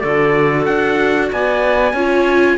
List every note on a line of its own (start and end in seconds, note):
0.00 0.68 D3
0.00 1.95 F#4
0.00 1.29 A4
0.00 0.64 D5
0.65 1.31 D4
0.65 1.29 F#5
1.32 1.93 B3
1.32 1.94 D5
1.32 2.58 G#5
1.93 2.57 C#4
1.93 2.58 F4
1.93 2.58 C#5